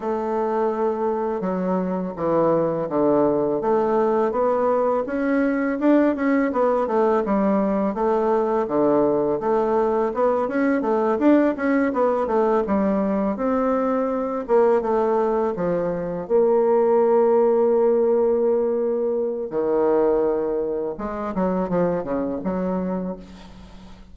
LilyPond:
\new Staff \with { instrumentName = "bassoon" } { \time 4/4 \tempo 4 = 83 a2 fis4 e4 | d4 a4 b4 cis'4 | d'8 cis'8 b8 a8 g4 a4 | d4 a4 b8 cis'8 a8 d'8 |
cis'8 b8 a8 g4 c'4. | ais8 a4 f4 ais4.~ | ais2. dis4~ | dis4 gis8 fis8 f8 cis8 fis4 | }